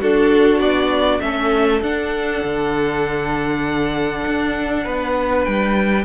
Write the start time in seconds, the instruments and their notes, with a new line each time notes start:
0.00 cello D4, viola D4, violin F#4 A4
0.59 cello B3, violin D5
1.21 cello A3, viola C#4, violin A4 E5
1.82 cello D4, viola D4, violin F#5
2.44 cello D3
4.26 cello D4
4.83 cello B3, violin B4
5.44 cello G3, violin G5